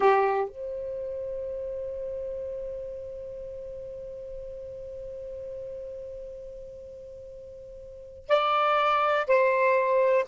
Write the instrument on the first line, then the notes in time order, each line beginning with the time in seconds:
saxophone
0.00 G4
0.48 C5
8.28 D5
9.27 C5